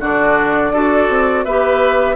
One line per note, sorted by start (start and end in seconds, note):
0.00 0.72 D3
0.00 0.73 D4
0.00 0.72 F#4
0.00 1.45 D5
0.72 1.08 D4
0.72 1.46 F#4
0.72 1.45 A4
1.09 1.45 C4
1.45 2.16 B3
1.45 2.16 G4
1.45 2.16 B4
1.45 2.16 E5